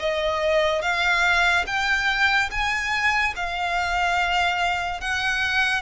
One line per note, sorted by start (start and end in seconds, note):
0.00 0.82 D#5
0.82 1.66 F5
1.67 2.50 G5
2.51 3.34 G#5
3.36 5.01 F5
5.01 5.82 F#5